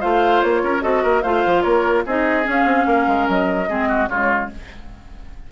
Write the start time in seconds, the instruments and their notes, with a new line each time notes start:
0.00 bassoon A3, clarinet F4, oboe C5, flute F5
0.42 bassoon A#3, flute C#5
0.63 bassoon C#4, oboe A#4
0.80 bassoon C4, clarinet F#4, oboe A4, flute D#5
1.03 bassoon A#3, oboe A#4
1.22 bassoon A3, clarinet F4, oboe C5, flute F5
1.45 bassoon F3
1.62 bassoon A#3, oboe A#4, flute C#5
2.05 bassoon C4, clarinet D#4, oboe G#4, flute D#5
2.43 clarinet C#4, bassoon C#4
2.51 flute F5
2.65 bassoon C4
2.86 bassoon A#3, oboe A#4
3.07 bassoon G#3
3.28 bassoon F#3, flute D#5
3.68 bassoon G#3, clarinet C4, oboe G#4
3.88 oboe F#4
4.08 bassoon C#3, clarinet G#3, oboe F4, flute C#5